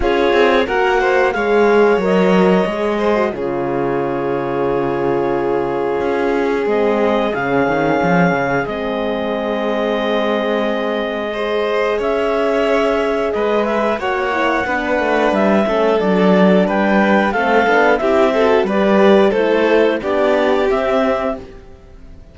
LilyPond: <<
  \new Staff \with { instrumentName = "clarinet" } { \time 4/4 \tempo 4 = 90 cis''4 fis''4 f''4 dis''4~ | dis''4 cis''2.~ | cis''2 dis''4 f''4~ | f''4 dis''2.~ |
dis''2 e''2 | dis''8 e''8 fis''2 e''4 | d''4 g''4 f''4 e''4 | d''4 c''4 d''4 e''4 | }
  \new Staff \with { instrumentName = "violin" } { \time 4/4 gis'4 ais'8 c''8 cis''2~ | cis''8 c''8 gis'2.~ | gis'1~ | gis'1~ |
gis'4 c''4 cis''2 | b'4 cis''4 b'4. a'8~ | a'4 b'4 a'4 g'8 a'8 | b'4 a'4 g'2 | }
  \new Staff \with { instrumentName = "horn" } { \time 4/4 f'4 fis'4 gis'4 ais'4 | gis'8. fis'16 f'2.~ | f'2 c'4 cis'4~ | cis'4 c'2.~ |
c'4 gis'2.~ | gis'4 fis'8 e'8 d'4. cis'8 | d'2 c'8 d'8 e'8 fis'8 | g'4 e'4 d'4 c'4 | }
  \new Staff \with { instrumentName = "cello" } { \time 4/4 cis'8 c'8 ais4 gis4 fis4 | gis4 cis2.~ | cis4 cis'4 gis4 cis8 dis8 | f8 cis8 gis2.~ |
gis2 cis'2 | gis4 ais4 b8 a8 g8 a8 | fis4 g4 a8 b8 c'4 | g4 a4 b4 c'4 | }
>>